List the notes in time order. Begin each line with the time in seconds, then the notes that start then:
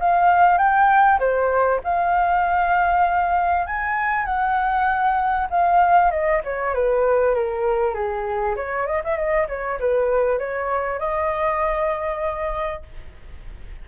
0.00 F5
0.58 G5
1.19 C5
1.84 F5
3.67 G#5
4.26 F#5
5.50 F5
6.11 D#5
6.44 C#5
6.74 B4
7.35 A#4
7.94 G#4
8.56 C#5
8.87 D#5
9.04 E5
9.16 D#5
9.48 C#5
9.80 B4
10.39 C#5
10.99 D#5